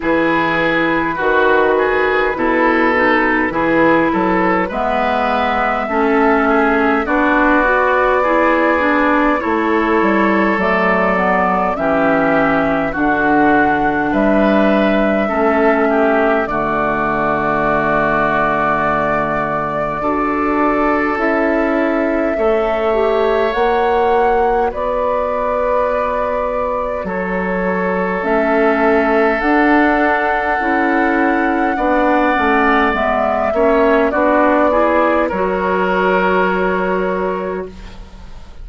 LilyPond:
<<
  \new Staff \with { instrumentName = "flute" } { \time 4/4 \tempo 4 = 51 b'1 | e''2 d''2 | cis''4 d''4 e''4 fis''4 | e''2 d''2~ |
d''2 e''2 | fis''4 d''2 cis''4 | e''4 fis''2. | e''4 d''4 cis''2 | }
  \new Staff \with { instrumentName = "oboe" } { \time 4/4 gis'4 fis'8 gis'8 a'4 gis'8 a'8 | b'4 a'8 gis'8 fis'4 gis'4 | a'2 g'4 fis'4 | b'4 a'8 g'8 fis'2~ |
fis'4 a'2 cis''4~ | cis''4 b'2 a'4~ | a'2. d''4~ | d''8 cis''8 fis'8 gis'8 ais'2 | }
  \new Staff \with { instrumentName = "clarinet" } { \time 4/4 e'4 fis'4 e'8 dis'8 e'4 | b4 cis'4 d'8 fis'8 e'8 d'8 | e'4 a8 b8 cis'4 d'4~ | d'4 cis'4 a2~ |
a4 fis'4 e'4 a'8 g'8 | fis'1 | cis'4 d'4 e'4 d'8 cis'8 | b8 cis'8 d'8 e'8 fis'2 | }
  \new Staff \with { instrumentName = "bassoon" } { \time 4/4 e4 dis4 b,4 e8 fis8 | gis4 a4 b2 | a8 g8 fis4 e4 d4 | g4 a4 d2~ |
d4 d'4 cis'4 a4 | ais4 b2 fis4 | a4 d'4 cis'4 b8 a8 | gis8 ais8 b4 fis2 | }
>>